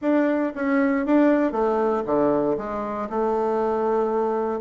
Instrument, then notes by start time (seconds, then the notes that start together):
bassoon
0.01 D4
0.55 C#4
1.05 D4
1.52 A3
2.05 D3
2.57 G#3
3.09 A3